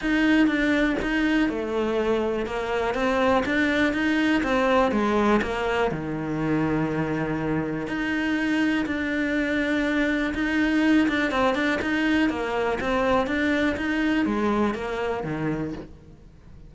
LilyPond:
\new Staff \with { instrumentName = "cello" } { \time 4/4 \tempo 4 = 122 dis'4 d'4 dis'4 a4~ | a4 ais4 c'4 d'4 | dis'4 c'4 gis4 ais4 | dis1 |
dis'2 d'2~ | d'4 dis'4. d'8 c'8 d'8 | dis'4 ais4 c'4 d'4 | dis'4 gis4 ais4 dis4 | }